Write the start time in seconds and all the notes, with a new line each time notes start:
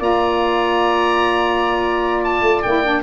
0.00 A#3 F4 D5 A#5
2.25 A5
2.42 A3
2.63 A#3 E4 G5
2.84 D4